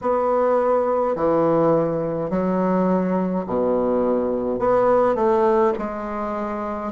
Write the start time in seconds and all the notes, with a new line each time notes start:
0.01 B3
1.15 E3
2.30 F#3
3.46 B2
4.58 B3
5.15 A3
5.78 G#3